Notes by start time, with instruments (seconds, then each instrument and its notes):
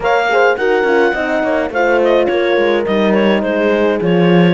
0.00 cello A#3, horn A#4 C#5, clarinet F5
0.29 horn G#4 C5
0.56 cello D#4, horn F#4 A#4, clarinet F#5
0.83 cello C#4, horn F4
1.12 cello C4, horn D#4 D#5
1.42 cello A#3, horn C#5
1.70 cello A3, horn F4 C5, clarinet F5
2.03 clarinet D#5
2.26 cello A#3, horn A#4, clarinet C#5
2.56 cello G#3
2.85 cello G3, horn D#4, clarinet D#5
3.13 clarinet C#5
3.42 cello G#3, horn G#4, clarinet C5
4.01 cello F3, horn F4, clarinet C#5